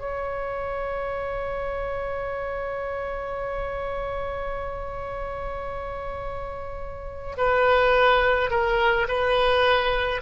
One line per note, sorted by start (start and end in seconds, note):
0.00 7.36 C#5
7.38 8.51 B4
8.51 9.07 A#4
9.08 10.21 B4